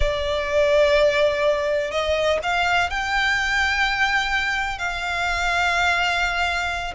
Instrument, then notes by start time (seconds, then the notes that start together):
violin
0.00 D5
1.91 D#5
2.42 F5
2.90 G5
4.78 F5